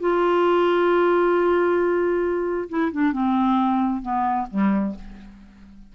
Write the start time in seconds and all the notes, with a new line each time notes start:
0.00 F4
2.69 E4
2.92 D4
3.12 C4
4.02 B3
4.50 G3